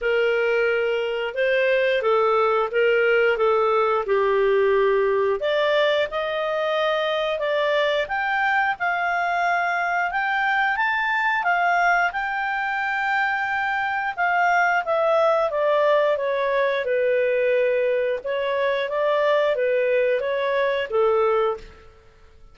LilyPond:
\new Staff \with { instrumentName = "clarinet" } { \time 4/4 \tempo 4 = 89 ais'2 c''4 a'4 | ais'4 a'4 g'2 | d''4 dis''2 d''4 | g''4 f''2 g''4 |
a''4 f''4 g''2~ | g''4 f''4 e''4 d''4 | cis''4 b'2 cis''4 | d''4 b'4 cis''4 a'4 | }